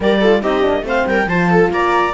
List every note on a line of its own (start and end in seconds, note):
0.00 0.42 G3
0.00 0.22 G4
0.00 0.20 A#4
0.00 0.43 D5
0.20 0.42 F4
0.20 0.41 A4
0.41 0.64 C4
0.41 0.61 D#4
0.41 0.84 G4
0.41 0.86 D#5
0.61 0.83 D4
0.68 0.82 A#3
0.82 1.03 A3
0.82 1.27 C4
0.82 1.08 C5
0.88 1.07 F5
1.07 1.26 G3
1.07 1.29 A#4
1.07 1.28 G5
1.26 1.69 F3
1.26 2.13 F4
1.26 1.50 C5
1.26 1.71 A5
1.50 1.71 A4
1.71 2.13 A#3
1.71 2.13 D5
1.71 2.13 A#5